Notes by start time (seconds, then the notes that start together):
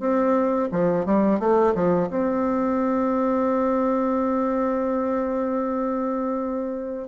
0.00 C4
0.72 F3
1.06 G3
1.40 A3
1.75 F3
2.10 C4